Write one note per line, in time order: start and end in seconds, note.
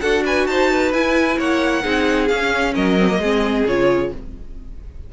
0.00 0.46 D4
0.00 0.93 F#4
0.00 0.23 A4
0.00 0.23 F#5
0.25 0.47 B4
0.25 0.46 G#5
0.46 0.92 D#4
0.46 0.71 C5
0.46 0.92 A5
0.71 1.38 B4
0.92 1.37 E4
0.92 1.82 E4
0.92 1.39 G#5
1.38 1.84 A#3
1.38 1.82 C#5
1.38 2.28 F#5
1.82 2.30 C4
1.82 2.28 D#4
1.82 2.73 G#4
2.28 2.75 C#4
2.28 2.99 C#4
2.28 2.73 F5
2.74 3.18 F#3
2.74 3.19 A#4
2.74 3.66 D#5
2.99 3.08 C4
3.08 3.19 A#3
3.18 3.63 G#3
3.18 3.67 C4
3.18 4.12 G#4
3.66 4.11 C#3
3.66 4.12 F4
3.66 4.12 C#5